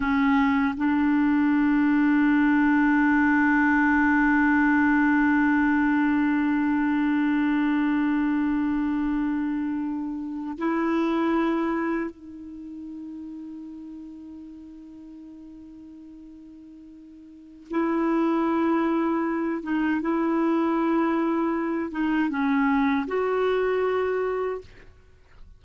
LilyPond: \new Staff \with { instrumentName = "clarinet" } { \time 4/4 \tempo 4 = 78 cis'4 d'2.~ | d'1~ | d'1~ | d'4.~ d'16 e'2 dis'16~ |
dis'1~ | dis'2. e'4~ | e'4. dis'8 e'2~ | e'8 dis'8 cis'4 fis'2 | }